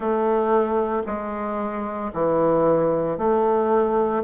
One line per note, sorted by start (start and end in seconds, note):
0.00 1.02 A3
1.06 2.11 G#3
2.13 3.18 E3
3.18 4.23 A3